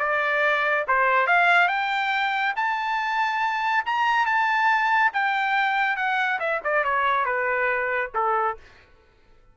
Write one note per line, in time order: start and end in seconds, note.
0.00 0.86 D5
0.88 1.27 C5
1.27 1.69 F5
1.69 2.54 G5
2.57 3.85 A5
3.86 4.26 A#5
4.26 5.12 A5
5.14 5.97 G5
5.97 6.40 F#5
6.40 6.61 E5
6.64 6.85 D5
6.85 7.26 C#5
7.26 8.11 B4
8.15 8.58 A4